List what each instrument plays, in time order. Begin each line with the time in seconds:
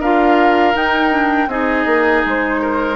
0.00 bassoon D4, clarinet F4, oboe A#4, flute F5
0.74 clarinet D#4, bassoon D#4, flute G5
1.11 clarinet D4
1.47 bassoon C4, clarinet D#4, oboe G#4, flute D#5
1.86 bassoon A#3
2.25 bassoon G#3, flute C5
2.62 oboe A#4